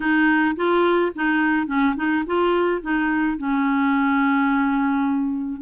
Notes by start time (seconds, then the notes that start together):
0.00 D#4
0.56 F4
1.15 D#4
1.66 C#4
1.96 D#4
2.26 F4
2.81 D#4
3.37 C#4